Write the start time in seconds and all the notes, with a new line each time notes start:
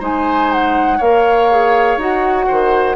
0.00 G#3 D#4 C5 G#5
0.53 F#5
0.98 A#3 A#4 C#5 F5
1.51 G#4
1.97 D#4 F#4 F#5
2.48 D#3 C5